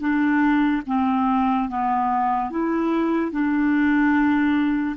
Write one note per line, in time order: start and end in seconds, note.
0.00 0.82 D4
0.87 1.69 C4
1.69 2.50 B3
2.50 3.32 E4
3.32 4.96 D4